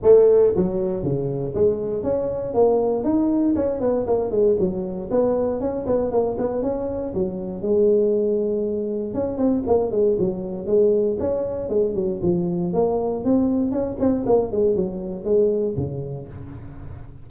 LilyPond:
\new Staff \with { instrumentName = "tuba" } { \time 4/4 \tempo 4 = 118 a4 fis4 cis4 gis4 | cis'4 ais4 dis'4 cis'8 b8 | ais8 gis8 fis4 b4 cis'8 b8 | ais8 b8 cis'4 fis4 gis4~ |
gis2 cis'8 c'8 ais8 gis8 | fis4 gis4 cis'4 gis8 fis8 | f4 ais4 c'4 cis'8 c'8 | ais8 gis8 fis4 gis4 cis4 | }